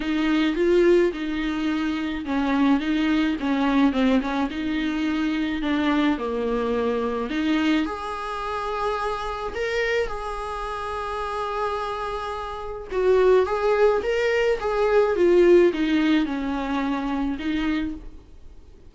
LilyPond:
\new Staff \with { instrumentName = "viola" } { \time 4/4 \tempo 4 = 107 dis'4 f'4 dis'2 | cis'4 dis'4 cis'4 c'8 cis'8 | dis'2 d'4 ais4~ | ais4 dis'4 gis'2~ |
gis'4 ais'4 gis'2~ | gis'2. fis'4 | gis'4 ais'4 gis'4 f'4 | dis'4 cis'2 dis'4 | }